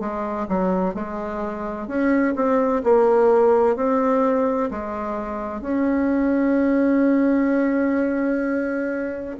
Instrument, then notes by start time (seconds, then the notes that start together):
bassoon
0.00 G#3
0.48 F#3
0.95 G#3
1.87 C#4
2.36 C4
2.83 A#3
3.76 C4
4.71 G#3
5.61 C#4